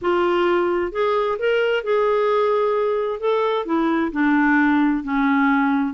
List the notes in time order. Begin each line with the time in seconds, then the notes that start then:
0.01 F4
0.92 G#4
1.38 A#4
1.83 G#4
3.20 A4
3.65 E4
4.12 D4
5.03 C#4